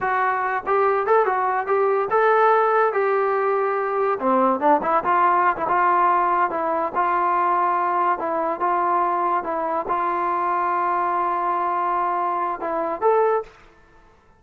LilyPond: \new Staff \with { instrumentName = "trombone" } { \time 4/4 \tempo 4 = 143 fis'4. g'4 a'8 fis'4 | g'4 a'2 g'4~ | g'2 c'4 d'8 e'8 | f'4~ f'16 e'16 f'2 e'8~ |
e'8 f'2. e'8~ | e'8 f'2 e'4 f'8~ | f'1~ | f'2 e'4 a'4 | }